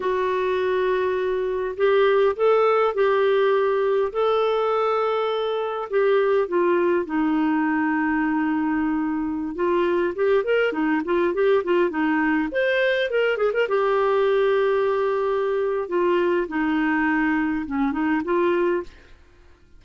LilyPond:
\new Staff \with { instrumentName = "clarinet" } { \time 4/4 \tempo 4 = 102 fis'2. g'4 | a'4 g'2 a'4~ | a'2 g'4 f'4 | dis'1~ |
dis'16 f'4 g'8 ais'8 dis'8 f'8 g'8 f'16~ | f'16 dis'4 c''4 ais'8 gis'16 ais'16 g'8.~ | g'2. f'4 | dis'2 cis'8 dis'8 f'4 | }